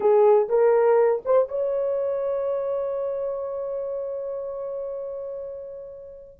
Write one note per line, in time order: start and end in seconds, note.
0.00 0.48 G#4
0.48 1.22 A#4
1.25 1.48 C5
1.48 6.39 C#5